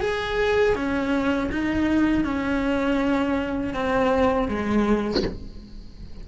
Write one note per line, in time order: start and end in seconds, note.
0.00 0.75 G#4
0.75 1.50 C#4
1.51 2.24 D#4
2.24 3.73 C#4
3.73 4.48 C4
4.48 5.23 G#3